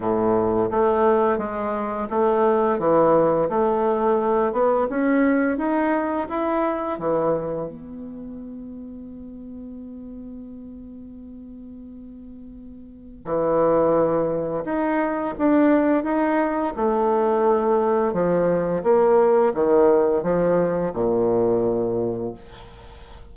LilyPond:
\new Staff \with { instrumentName = "bassoon" } { \time 4/4 \tempo 4 = 86 a,4 a4 gis4 a4 | e4 a4. b8 cis'4 | dis'4 e'4 e4 b4~ | b1~ |
b2. e4~ | e4 dis'4 d'4 dis'4 | a2 f4 ais4 | dis4 f4 ais,2 | }